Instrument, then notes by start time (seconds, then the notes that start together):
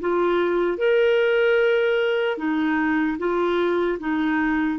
clarinet
0.00 F4
0.77 A#4
2.37 D#4
3.18 F4
3.99 D#4